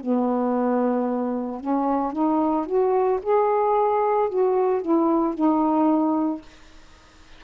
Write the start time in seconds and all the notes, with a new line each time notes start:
0.00 B3
1.60 C#4
2.12 D#4
2.66 F#4
3.22 G#4
4.29 F#4
4.82 E4
5.34 D#4